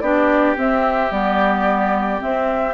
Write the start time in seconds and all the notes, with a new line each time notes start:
0.00 B3 D4 G4 D5
0.56 C4 E5
1.11 G3 B3 D5
2.19 C4 E5